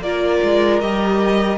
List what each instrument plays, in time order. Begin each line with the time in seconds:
0.00 cello A#3, viola F4, violin A#4 D5
0.43 cello G#3
0.80 cello G3, viola G4, violin D#5